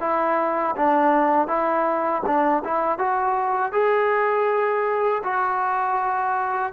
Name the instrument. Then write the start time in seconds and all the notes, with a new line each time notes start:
trombone
0.00 E4
0.76 D4
1.48 E4
2.26 D4
2.64 E4
2.98 F#4
3.73 G#4
5.24 F#4